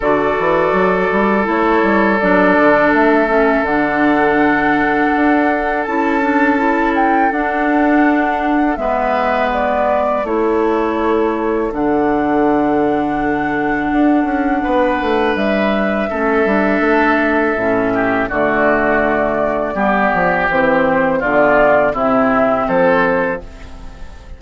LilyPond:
<<
  \new Staff \with { instrumentName = "flute" } { \time 4/4 \tempo 4 = 82 d''2 cis''4 d''4 | e''4 fis''2. | a''4. g''8 fis''2 | e''4 d''4 cis''2 |
fis''1~ | fis''4 e''2.~ | e''4 d''2. | c''4 d''4 e''4 c''4 | }
  \new Staff \with { instrumentName = "oboe" } { \time 4/4 a'1~ | a'1~ | a'1 | b'2 a'2~ |
a'1 | b'2 a'2~ | a'8 g'8 fis'2 g'4~ | g'4 f'4 e'4 a'4 | }
  \new Staff \with { instrumentName = "clarinet" } { \time 4/4 fis'2 e'4 d'4~ | d'8 cis'8 d'2. | e'8 d'8 e'4 d'2 | b2 e'2 |
d'1~ | d'2 cis'8 d'4. | cis'4 a2 b4 | c'4 b4 c'2 | }
  \new Staff \with { instrumentName = "bassoon" } { \time 4/4 d8 e8 fis8 g8 a8 g8 fis8 d8 | a4 d2 d'4 | cis'2 d'2 | gis2 a2 |
d2. d'8 cis'8 | b8 a8 g4 a8 g8 a4 | a,4 d2 g8 f8 | e4 d4 c4 f4 | }
>>